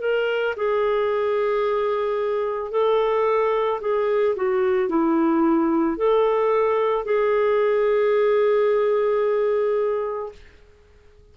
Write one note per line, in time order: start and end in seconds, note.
0.00 0.55 A#4
0.56 2.71 G#4
2.71 3.80 A4
3.80 4.35 G#4
4.35 4.88 F#4
4.88 5.97 E4
5.97 7.05 A4
7.05 10.32 G#4